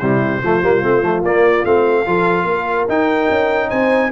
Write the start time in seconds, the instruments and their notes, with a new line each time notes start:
0.00 tuba C3, trombone G3, horn E4, trumpet C5
0.43 tuba F3, trombone A3, horn F4
0.62 tuba G3, trombone A#3
0.83 tuba A3, trombone C4
1.03 tuba F3, trombone A3
1.22 tuba A#3, trombone A#3, trumpet D5
1.65 tuba A3, trombone C4, trumpet F5
2.05 tuba F3, trombone F4, horn A4
2.45 tuba A#3, horn A#4
2.89 tuba D#4, trombone D#4, trumpet G5
3.30 tuba C#4
3.69 tuba C4, horn C5, trumpet G#5